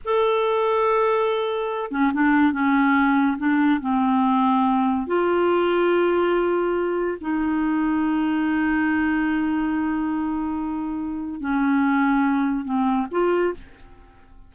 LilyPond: \new Staff \with { instrumentName = "clarinet" } { \time 4/4 \tempo 4 = 142 a'1~ | a'8 cis'8 d'4 cis'2 | d'4 c'2. | f'1~ |
f'4 dis'2.~ | dis'1~ | dis'2. cis'4~ | cis'2 c'4 f'4 | }